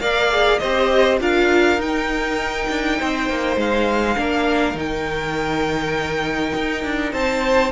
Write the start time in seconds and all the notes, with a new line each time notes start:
0.00 A#3 A#4 D5 F5
0.31 G#4
0.58 C4 G4 C5 D#5
1.20 D4 F4 A#4 F5
1.78 D#4 G5
2.69 D4
2.99 C4 C5
3.30 A#3
3.57 G#3 F5
4.17 A#3 D4 A#4
4.74 D#3 D#4 G5
6.55 D#4
6.85 D4
7.13 C4 C5 A5